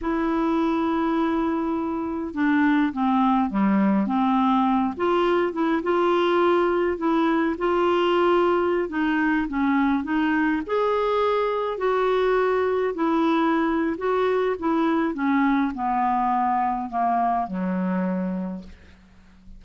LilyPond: \new Staff \with { instrumentName = "clarinet" } { \time 4/4 \tempo 4 = 103 e'1 | d'4 c'4 g4 c'4~ | c'8 f'4 e'8 f'2 | e'4 f'2~ f'16 dis'8.~ |
dis'16 cis'4 dis'4 gis'4.~ gis'16~ | gis'16 fis'2 e'4.~ e'16 | fis'4 e'4 cis'4 b4~ | b4 ais4 fis2 | }